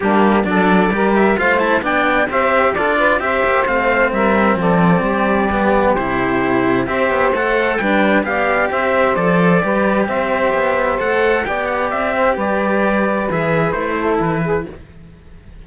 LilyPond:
<<
  \new Staff \with { instrumentName = "trumpet" } { \time 4/4 \tempo 4 = 131 g'4 d''4. e''8 f''8 a''8 | g''4 e''4 d''4 e''4 | f''4 e''4 d''2~ | d''4 c''2 e''4 |
fis''4 g''4 f''4 e''4 | d''2 e''2 | fis''4 g''8 fis''8 e''4 d''4~ | d''4 e''4 c''4 b'4 | }
  \new Staff \with { instrumentName = "saxophone" } { \time 4/4 d'4 a'4 ais'4 c''4 | d''4 c''4 a'8 b'8 c''4~ | c''4 ais'4 a'4 g'4~ | g'2. c''4~ |
c''4 b'4 d''4 c''4~ | c''4 b'4 c''2~ | c''4 d''4. c''8 b'4~ | b'2~ b'8 a'4 gis'8 | }
  \new Staff \with { instrumentName = "cello" } { \time 4/4 ais4 d'4 g'4 f'8 e'8 | d'4 g'4 f'4 g'4 | c'1 | b4 e'2 g'4 |
a'4 d'4 g'2 | a'4 g'2. | a'4 g'2.~ | g'4 gis'4 e'2 | }
  \new Staff \with { instrumentName = "cello" } { \time 4/4 g4 fis4 g4 a4 | b4 c'4 d'4 c'8 ais8 | a4 g4 f4 g4~ | g4 c2 c'8 b8 |
a4 g4 b4 c'4 | f4 g4 c'4 b4 | a4 b4 c'4 g4~ | g4 e4 a4 e4 | }
>>